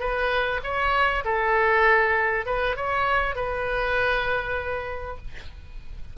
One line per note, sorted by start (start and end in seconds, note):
0.00 0.61 B4
0.63 1.24 C#5
1.25 2.46 A4
2.46 2.76 B4
2.76 3.36 C#5
3.36 5.17 B4